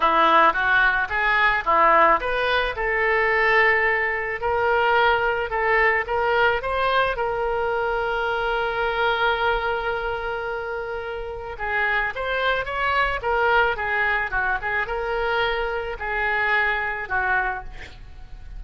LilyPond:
\new Staff \with { instrumentName = "oboe" } { \time 4/4 \tempo 4 = 109 e'4 fis'4 gis'4 e'4 | b'4 a'2. | ais'2 a'4 ais'4 | c''4 ais'2.~ |
ais'1~ | ais'4 gis'4 c''4 cis''4 | ais'4 gis'4 fis'8 gis'8 ais'4~ | ais'4 gis'2 fis'4 | }